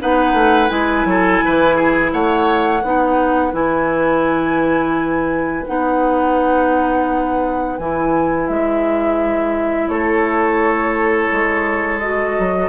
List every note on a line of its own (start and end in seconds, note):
0.00 0.34 B3
0.00 0.69 D#4
0.00 1.08 B4
0.00 0.70 F#5
0.34 0.69 A3
0.69 1.05 G#3
0.69 2.81 E4
0.69 2.11 G#5
1.05 1.41 F#3
1.05 1.45 A4
1.45 2.13 E3
1.45 1.76 B4
1.76 2.11 G#4
2.13 2.84 A3
2.13 2.83 C#5
2.13 3.54 F#5
2.83 3.53 B3
2.83 3.52 D#4
2.83 9.89 B4
3.52 5.65 E3
3.52 5.64 E4
3.52 5.66 G#5
5.67 7.79 B3
5.67 7.79 D#4
5.67 7.78 F#5
7.78 8.49 E3
7.78 12.01 E4
7.78 8.47 G#5
8.47 9.89 G#3
8.47 9.89 E5
9.89 11.30 A3
9.89 12.70 A4
9.89 11.99 C#5
11.32 12.38 G#3
11.99 12.70 F#4
11.99 12.70 D#5
12.39 12.70 F#3